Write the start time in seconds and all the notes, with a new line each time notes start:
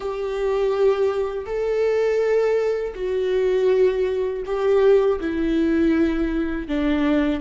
0.00 G4
1.45 A4
2.95 F#4
4.45 G4
5.20 E4
6.67 D4